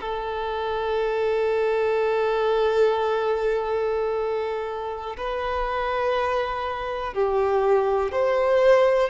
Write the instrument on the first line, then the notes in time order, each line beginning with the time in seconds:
violin
0.00 A4
5.17 B4
7.14 G4
8.11 C5